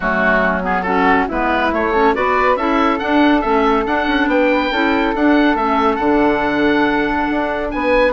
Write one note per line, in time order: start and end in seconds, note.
0.00 1.28 F#3
0.00 0.62 A3
0.00 0.84 C#4
0.00 0.62 F#4
0.62 0.84 B3
0.62 0.82 G#4
0.82 1.29 C#4
0.82 1.27 F#4
0.82 1.25 A4
1.28 1.72 G#3
1.28 1.71 B3
1.28 1.92 E4
1.28 1.73 B4
1.71 1.92 A3
1.71 2.15 A3
1.71 2.15 C#5
1.92 2.14 C#4
1.92 2.13 A4
2.14 2.56 B3
2.14 2.57 F#4
2.14 2.58 B4
2.14 2.56 D5
2.56 2.99 C#4
2.56 2.99 E4
2.56 4.29 A4
2.56 2.98 E5
2.98 3.42 D4
2.98 3.44 D4
2.98 3.41 F#5
3.41 3.85 A3
3.41 3.85 C#4
3.41 3.84 E5
3.85 4.07 D4
3.85 4.72 D4
3.85 4.29 F#5
4.07 4.26 C#4
4.26 4.69 B3
4.26 4.72 B4
4.26 5.15 G5
4.71 5.14 C#4
4.71 5.15 E4
4.71 7.72 A4
5.14 5.55 D4
5.14 5.58 D4
5.14 5.56 F#5
5.55 5.98 A3
5.55 5.99 C#4
5.55 5.96 E5
5.96 7.27 D3
5.96 8.12 D4
5.96 7.67 F#5
7.30 7.73 D4
7.71 8.12 B3
7.71 8.12 B4
7.71 8.12 G#5